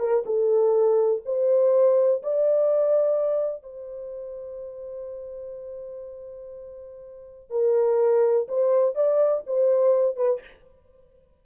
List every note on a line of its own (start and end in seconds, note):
0.00 0.24 A#4
0.26 1.23 A4
1.26 2.23 C5
2.23 3.64 D5
3.64 7.51 C5
7.51 8.47 A#4
8.49 8.96 C5
8.96 9.44 D5
9.47 10.17 C5
10.17 10.41 B4